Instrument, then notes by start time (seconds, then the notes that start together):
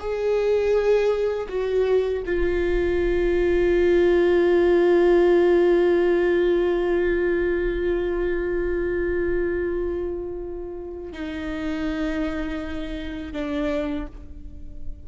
viola
0.00 G#4
1.49 F#4
2.26 F4
11.13 D#4
13.33 D4